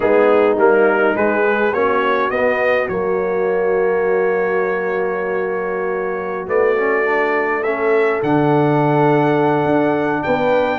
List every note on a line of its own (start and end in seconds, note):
0.00 0.57 G#3
0.00 0.56 B3
0.00 1.43 D#4
0.00 0.57 G#4
0.57 1.15 G3
0.57 1.14 A#3
0.57 1.16 A#4
1.14 1.71 G#3
1.14 1.73 G#3
1.14 1.73 B4
1.43 1.72 G#4
1.72 2.30 A#3
1.72 2.32 C#4
1.72 7.63 F#4
1.72 2.30 C#5
2.30 2.88 B3
2.30 2.89 B3
2.30 2.88 D#5
2.88 6.47 F#3
2.88 6.47 A#3
2.88 6.48 C#5
6.47 8.20 A3
6.47 6.76 B3
6.47 7.63 D5
6.76 7.04 C#4
7.04 7.62 D4
7.63 8.22 C#4
7.63 10.23 A4
7.63 8.21 E5
8.22 9.65 D3
8.22 10.79 D4
8.22 10.23 F#5
9.65 10.22 D4
10.23 10.79 B3
10.23 10.79 B4
10.23 10.79 G5